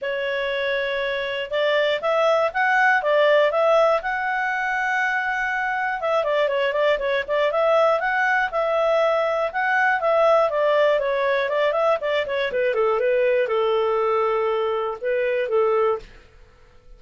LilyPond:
\new Staff \with { instrumentName = "clarinet" } { \time 4/4 \tempo 4 = 120 cis''2. d''4 | e''4 fis''4 d''4 e''4 | fis''1 | e''8 d''8 cis''8 d''8 cis''8 d''8 e''4 |
fis''4 e''2 fis''4 | e''4 d''4 cis''4 d''8 e''8 | d''8 cis''8 b'8 a'8 b'4 a'4~ | a'2 b'4 a'4 | }